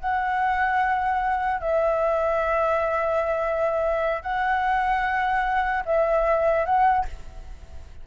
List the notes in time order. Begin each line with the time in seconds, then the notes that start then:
0.00 F#5
1.61 E5
4.22 F#5
5.86 E5
6.65 F#5